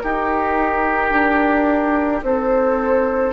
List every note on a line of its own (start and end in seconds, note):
0.00 3.33 D#4
0.00 1.11 D#4
0.00 2.25 G4
0.00 2.22 A#4
1.11 2.22 D4
2.23 3.33 C4
2.23 3.33 A4
2.23 3.33 C5